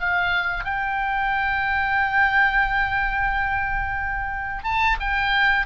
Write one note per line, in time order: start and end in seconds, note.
0.00 0.65 F5
0.65 4.64 G5
4.64 4.97 A5
5.01 5.67 G5